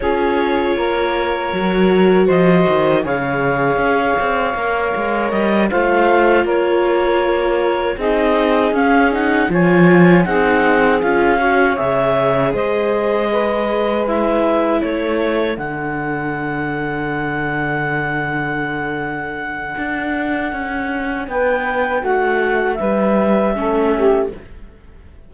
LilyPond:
<<
  \new Staff \with { instrumentName = "clarinet" } { \time 4/4 \tempo 4 = 79 cis''2. dis''4 | f''2. dis''8 f''8~ | f''8 cis''2 dis''4 f''8 | fis''8 gis''4 fis''4 f''4 e''8~ |
e''8 dis''2 e''4 cis''8~ | cis''8 fis''2.~ fis''8~ | fis''1 | g''4 fis''4 e''2 | }
  \new Staff \with { instrumentName = "saxophone" } { \time 4/4 gis'4 ais'2 c''4 | cis''2.~ cis''8 c''8~ | c''8 ais'2 gis'4.~ | gis'8 cis''4 gis'4. cis''4~ |
cis''8 c''4 b'2 a'8~ | a'1~ | a'1 | b'4 fis'4 b'4 a'8 g'8 | }
  \new Staff \with { instrumentName = "viola" } { \time 4/4 f'2 fis'2 | gis'2 ais'4. f'8~ | f'2~ f'8 dis'4 cis'8 | dis'8 f'4 dis'4 f'8 fis'8 gis'8~ |
gis'2~ gis'8 e'4.~ | e'8 d'2.~ d'8~ | d'1~ | d'2. cis'4 | }
  \new Staff \with { instrumentName = "cello" } { \time 4/4 cis'4 ais4 fis4 f8 dis8 | cis4 cis'8 c'8 ais8 gis8 g8 a8~ | a8 ais2 c'4 cis'8~ | cis'8 f4 c'4 cis'4 cis8~ |
cis8 gis2. a8~ | a8 d2.~ d8~ | d2 d'4 cis'4 | b4 a4 g4 a4 | }
>>